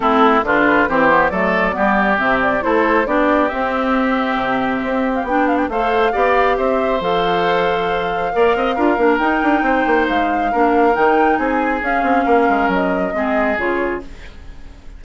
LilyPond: <<
  \new Staff \with { instrumentName = "flute" } { \time 4/4 \tempo 4 = 137 a'4 b'4 c''4 d''4~ | d''4 e''8 d''8 c''4 d''4 | e''2.~ e''8. f''16 | g''8 f''16 g''16 f''2 e''4 |
f''1~ | f''4 g''2 f''4~ | f''4 g''4 gis''4 f''4~ | f''4 dis''2 cis''4 | }
  \new Staff \with { instrumentName = "oboe" } { \time 4/4 e'4 f'4 g'4 a'4 | g'2 a'4 g'4~ | g'1~ | g'4 c''4 d''4 c''4~ |
c''2. d''8 dis''8 | ais'2 c''2 | ais'2 gis'2 | ais'2 gis'2 | }
  \new Staff \with { instrumentName = "clarinet" } { \time 4/4 c'4 d'4 c'8 b8 a4 | b4 c'4 e'4 d'4 | c'1 | d'4 a'4 g'2 |
a'2. ais'4 | f'8 d'8 dis'2. | d'4 dis'2 cis'4~ | cis'2 c'4 f'4 | }
  \new Staff \with { instrumentName = "bassoon" } { \time 4/4 a4 d4 e4 fis4 | g4 c4 a4 b4 | c'2 c4 c'4 | b4 a4 b4 c'4 |
f2. ais8 c'8 | d'8 ais8 dis'8 d'8 c'8 ais8 gis4 | ais4 dis4 c'4 cis'8 c'8 | ais8 gis8 fis4 gis4 cis4 | }
>>